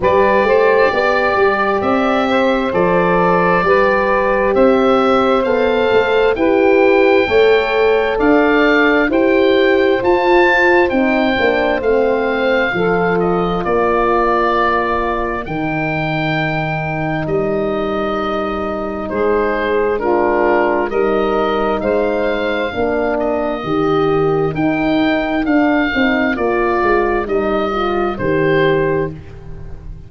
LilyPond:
<<
  \new Staff \with { instrumentName = "oboe" } { \time 4/4 \tempo 4 = 66 d''2 e''4 d''4~ | d''4 e''4 f''4 g''4~ | g''4 f''4 g''4 a''4 | g''4 f''4. dis''8 d''4~ |
d''4 g''2 dis''4~ | dis''4 c''4 ais'4 dis''4 | f''4. dis''4. g''4 | f''4 d''4 dis''4 c''4 | }
  \new Staff \with { instrumentName = "saxophone" } { \time 4/4 b'8 c''8 d''4. c''4. | b'4 c''2 b'4 | cis''4 d''4 c''2~ | c''2 a'4 ais'4~ |
ais'1~ | ais'4 gis'4 f'4 ais'4 | c''4 ais'2.~ | ais'1 | }
  \new Staff \with { instrumentName = "horn" } { \time 4/4 g'2. a'4 | g'2 a'4 g'4 | a'2 g'4 f'4 | dis'8 d'8 c'4 f'2~ |
f'4 dis'2.~ | dis'2 d'4 dis'4~ | dis'4 d'4 g'4 dis'4 | d'8 dis'8 f'4 dis'8 f'8 g'4 | }
  \new Staff \with { instrumentName = "tuba" } { \time 4/4 g8 a8 b8 g8 c'4 f4 | g4 c'4 b8 a8 e'4 | a4 d'4 e'4 f'4 | c'8 ais8 a4 f4 ais4~ |
ais4 dis2 g4~ | g4 gis2 g4 | gis4 ais4 dis4 dis'4 | d'8 c'8 ais8 gis8 g4 dis4 | }
>>